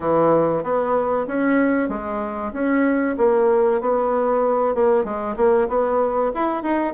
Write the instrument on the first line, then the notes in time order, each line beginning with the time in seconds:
bassoon
0.00 E3
0.63 B3
1.27 C#4
1.88 G#3
2.53 C#4
3.18 A#3
3.81 B3
4.74 A#3
5.04 G#3
5.36 A#3
5.68 B3
6.34 E4
6.62 D#4